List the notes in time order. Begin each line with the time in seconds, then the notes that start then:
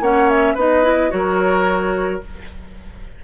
0.00 A#3 C#4 C#5 F#5
0.29 E5
0.54 B3 D#4 B4 D#5
0.84 E4
1.10 F#3 F#4 A#4 C#5